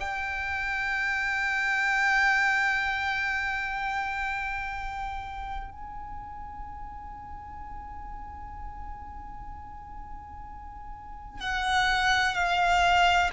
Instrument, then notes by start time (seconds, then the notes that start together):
violin
0.00 G5
5.71 G#5
11.40 F#5
12.35 F5